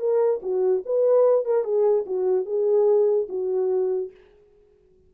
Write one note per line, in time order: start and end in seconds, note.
0.00 0.41 A#4
0.43 0.84 F#4
0.86 1.46 B4
1.46 1.64 A#4
1.64 2.05 G#4
2.06 2.46 F#4
2.46 3.28 G#4
3.29 4.11 F#4